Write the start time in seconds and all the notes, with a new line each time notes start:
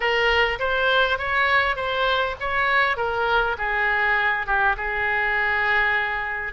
0.00 A#4
0.59 C5
1.18 C#5
1.76 C5
2.40 C#5
2.96 A#4
3.58 G#4
4.46 G4
4.77 G#4